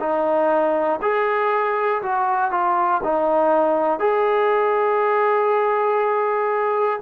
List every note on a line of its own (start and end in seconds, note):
0.00 1.00 D#4
1.01 2.01 G#4
2.02 2.51 F#4
2.51 3.01 F4
3.03 4.00 D#4
4.00 7.00 G#4